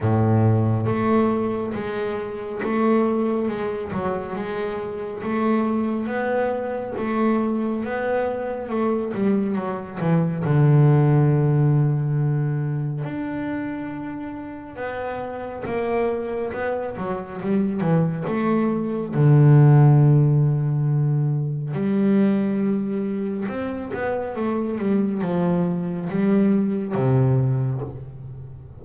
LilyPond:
\new Staff \with { instrumentName = "double bass" } { \time 4/4 \tempo 4 = 69 a,4 a4 gis4 a4 | gis8 fis8 gis4 a4 b4 | a4 b4 a8 g8 fis8 e8 | d2. d'4~ |
d'4 b4 ais4 b8 fis8 | g8 e8 a4 d2~ | d4 g2 c'8 b8 | a8 g8 f4 g4 c4 | }